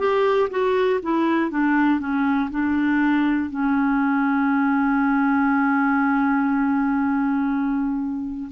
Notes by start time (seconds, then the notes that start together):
0.00 G4
0.51 F#4
1.03 E4
1.51 D4
2.00 C#4
2.51 D4
3.50 C#4